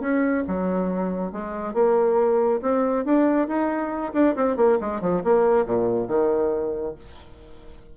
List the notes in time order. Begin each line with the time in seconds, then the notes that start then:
0.00 C#4
0.47 F#3
1.32 G#3
1.73 A#3
2.62 C4
3.05 D4
3.48 D#4
4.13 D4
4.36 C4
4.56 A#3
4.80 G#3
5.01 F3
5.23 A#3
5.65 A#2
6.08 D#3